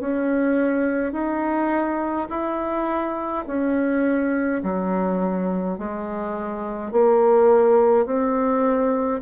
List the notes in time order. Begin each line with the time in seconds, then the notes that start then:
0.00 C#4
1.12 D#4
2.29 E4
3.47 C#4
4.63 F#3
5.78 G#3
6.92 A#3
8.06 C4